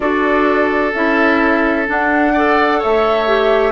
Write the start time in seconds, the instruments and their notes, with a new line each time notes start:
0.00 bassoon D4, clarinet F#4, oboe A4, flute D5
0.94 bassoon C#4, clarinet E4, flute E5
1.86 clarinet D4, bassoon D4, flute F#5
2.33 clarinet A4, oboe D5
2.78 bassoon A3, oboe C#5, flute E5
3.26 clarinet G4